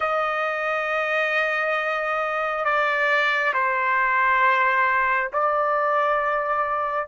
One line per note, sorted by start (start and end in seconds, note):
0.00 2.64 D#5
2.65 3.53 D5
3.53 5.30 C5
5.33 7.07 D5